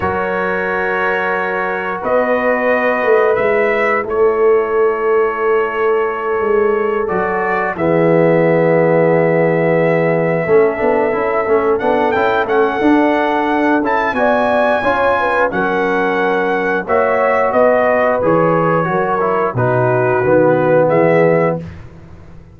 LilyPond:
<<
  \new Staff \with { instrumentName = "trumpet" } { \time 4/4 \tempo 4 = 89 cis''2. dis''4~ | dis''4 e''4 cis''2~ | cis''2~ cis''8 d''4 e''8~ | e''1~ |
e''4. fis''8 g''8 fis''4.~ | fis''8 a''8 gis''2 fis''4~ | fis''4 e''4 dis''4 cis''4~ | cis''4 b'2 e''4 | }
  \new Staff \with { instrumentName = "horn" } { \time 4/4 ais'2. b'4~ | b'2 a'2~ | a'2.~ a'8 gis'8~ | gis'2.~ gis'8 a'8~ |
a'1~ | a'4 d''4 cis''8 b'8 ais'4~ | ais'4 cis''4 b'2 | ais'4 fis'2 gis'4 | }
  \new Staff \with { instrumentName = "trombone" } { \time 4/4 fis'1~ | fis'4 e'2.~ | e'2~ e'8 fis'4 b8~ | b2.~ b8 cis'8 |
d'8 e'8 cis'8 d'8 e'8 cis'8 d'4~ | d'8 e'8 fis'4 f'4 cis'4~ | cis'4 fis'2 gis'4 | fis'8 e'8 dis'4 b2 | }
  \new Staff \with { instrumentName = "tuba" } { \time 4/4 fis2. b4~ | b8 a8 gis4 a2~ | a4. gis4 fis4 e8~ | e2.~ e8 a8 |
b8 cis'8 a8 b8 cis'8 a8 d'4~ | d'8 cis'8 b4 cis'4 fis4~ | fis4 ais4 b4 e4 | fis4 b,4 dis4 e4 | }
>>